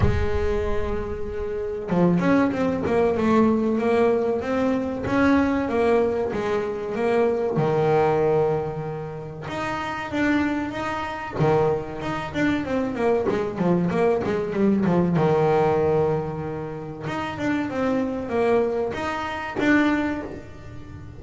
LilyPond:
\new Staff \with { instrumentName = "double bass" } { \time 4/4 \tempo 4 = 95 gis2. f8 cis'8 | c'8 ais8 a4 ais4 c'4 | cis'4 ais4 gis4 ais4 | dis2. dis'4 |
d'4 dis'4 dis4 dis'8 d'8 | c'8 ais8 gis8 f8 ais8 gis8 g8 f8 | dis2. dis'8 d'8 | c'4 ais4 dis'4 d'4 | }